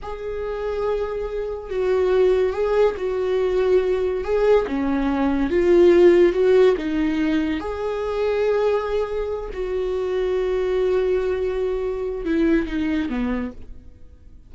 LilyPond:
\new Staff \with { instrumentName = "viola" } { \time 4/4 \tempo 4 = 142 gis'1 | fis'2 gis'4 fis'4~ | fis'2 gis'4 cis'4~ | cis'4 f'2 fis'4 |
dis'2 gis'2~ | gis'2~ gis'8 fis'4.~ | fis'1~ | fis'4 e'4 dis'4 b4 | }